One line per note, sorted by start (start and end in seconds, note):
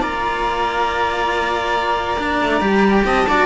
0.00 2.41 A#3
0.00 2.17 F4
0.00 3.05 D5
0.00 3.07 A#5
2.19 2.61 D4
2.42 2.61 A3
2.61 3.04 G3
2.61 3.26 G4
3.05 3.27 C4
3.05 3.27 D#5
3.05 3.45 A5
3.28 3.45 D4
3.28 3.45 F#4
3.28 3.45 D5